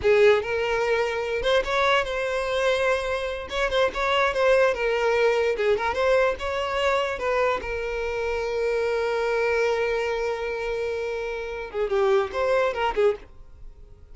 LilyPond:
\new Staff \with { instrumentName = "violin" } { \time 4/4 \tempo 4 = 146 gis'4 ais'2~ ais'8 c''8 | cis''4 c''2.~ | c''8 cis''8 c''8 cis''4 c''4 ais'8~ | ais'4. gis'8 ais'8 c''4 cis''8~ |
cis''4. b'4 ais'4.~ | ais'1~ | ais'1~ | ais'8 gis'8 g'4 c''4 ais'8 gis'8 | }